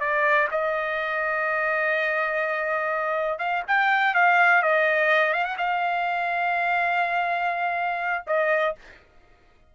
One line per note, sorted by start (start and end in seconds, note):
0.00 0.48 D5
0.51 3.39 D#5
3.39 3.63 F5
3.68 4.15 G5
4.15 4.63 F5
4.63 5.33 D#5
5.33 5.45 F5
5.45 5.57 F#5
5.58 8.24 F5
8.27 8.75 D#5